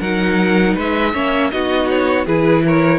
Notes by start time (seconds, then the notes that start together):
0.00 F#3 D#4 A#4 F#5
0.75 G#3 B4 E5
1.13 A#3 C#4 C#5
1.51 B3 D#4 F#4 D#5
1.89 C#5
2.26 E3 E4 G#4 B4
2.65 A#4 C#5